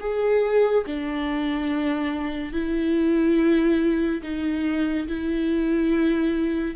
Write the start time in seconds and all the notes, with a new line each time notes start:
0.00 G#4
0.86 D4
2.53 E4
4.23 D#4
5.07 E4